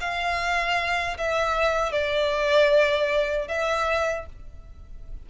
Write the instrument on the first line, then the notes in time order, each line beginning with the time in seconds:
violin
0.00 F5
1.17 E5
1.92 D5
3.48 E5